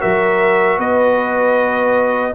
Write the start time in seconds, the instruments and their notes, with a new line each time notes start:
0.00 tuba F#3, trombone F#4, horn A#4, trumpet E5
0.79 tuba B3, horn B4, trumpet D#5